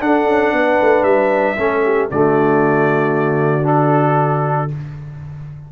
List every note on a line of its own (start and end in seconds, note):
0.00 1.57 D4
0.00 0.27 D4
0.00 0.55 A4
0.00 1.03 F#5
0.27 0.52 C#4
0.52 0.79 B3
0.52 1.56 B4
0.81 1.03 A3
1.03 1.55 G3
1.03 2.08 E5
1.56 2.10 A3
1.56 2.09 C#4
1.56 1.82 A4
1.84 2.10 G4
2.11 4.72 D3
2.11 3.64 A3
2.11 4.72 F#4
2.11 3.67 D5
3.64 4.68 D4
3.64 4.71 A4